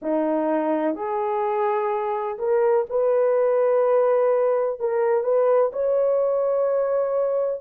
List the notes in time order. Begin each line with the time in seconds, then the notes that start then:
0.02 D#4
0.95 G#4
2.38 A#4
2.89 B4
4.79 A#4
5.23 B4
5.72 C#5